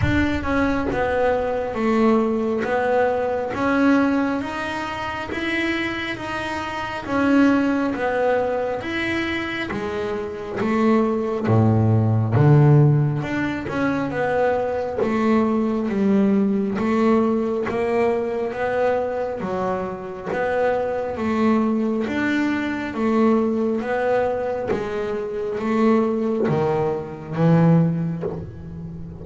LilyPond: \new Staff \with { instrumentName = "double bass" } { \time 4/4 \tempo 4 = 68 d'8 cis'8 b4 a4 b4 | cis'4 dis'4 e'4 dis'4 | cis'4 b4 e'4 gis4 | a4 a,4 d4 d'8 cis'8 |
b4 a4 g4 a4 | ais4 b4 fis4 b4 | a4 d'4 a4 b4 | gis4 a4 dis4 e4 | }